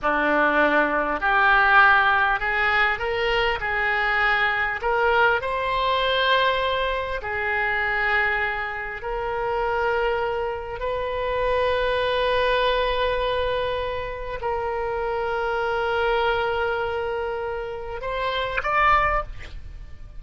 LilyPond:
\new Staff \with { instrumentName = "oboe" } { \time 4/4 \tempo 4 = 100 d'2 g'2 | gis'4 ais'4 gis'2 | ais'4 c''2. | gis'2. ais'4~ |
ais'2 b'2~ | b'1 | ais'1~ | ais'2 c''4 d''4 | }